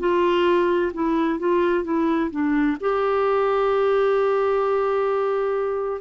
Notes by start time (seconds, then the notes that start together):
0.00 F4
0.94 E4
1.40 F4
1.85 E4
2.31 D4
2.81 G4